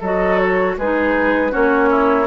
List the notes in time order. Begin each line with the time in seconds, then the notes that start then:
0.00 F#3 F#4 A4 D#5
0.38 C#5
0.77 G#3 D#4 G#4 B4
1.50 A#3 C#4 F#4 C#5
1.90 E4